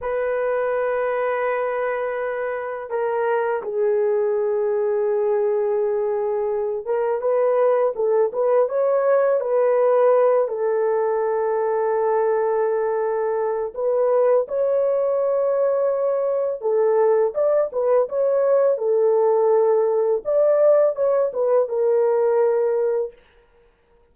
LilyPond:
\new Staff \with { instrumentName = "horn" } { \time 4/4 \tempo 4 = 83 b'1 | ais'4 gis'2.~ | gis'4. ais'8 b'4 a'8 b'8 | cis''4 b'4. a'4.~ |
a'2. b'4 | cis''2. a'4 | d''8 b'8 cis''4 a'2 | d''4 cis''8 b'8 ais'2 | }